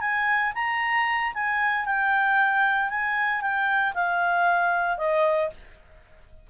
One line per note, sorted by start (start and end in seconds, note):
0.00 0.52 G#5
0.55 1.33 A#5
1.34 1.85 G#5
1.85 2.89 G5
2.89 3.41 G#5
3.41 3.93 G5
3.94 4.97 F5
4.97 5.49 D#5